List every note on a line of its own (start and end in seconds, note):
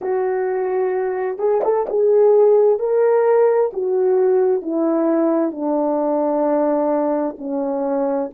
0.01 1.38 F#4
1.38 1.61 G#4
1.64 1.87 A4
1.89 2.79 G#4
2.79 3.71 A#4
3.73 4.62 F#4
4.62 5.51 E4
5.51 7.36 D4
7.38 8.30 C#4